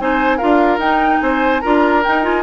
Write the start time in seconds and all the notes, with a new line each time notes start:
0.00 C4 D#4 C5 G#5
0.38 D4 F4 A#4 F5
0.79 D#4 G5
1.21 C4 C5 G#5
1.61 D4 F4 A#4 A#5
2.04 D#4 G5
2.23 F4 G#5